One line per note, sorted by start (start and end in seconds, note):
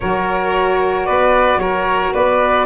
0.00 1.08 F#3
0.00 2.66 F#4
0.00 1.06 A#4
0.00 1.05 C#5
1.05 1.56 B3
1.05 1.59 B4
1.05 1.58 D5
1.56 2.10 F#3
1.56 2.13 A#4
1.56 2.12 C#5
2.13 2.66 B3
2.13 2.66 B4
2.13 2.66 D5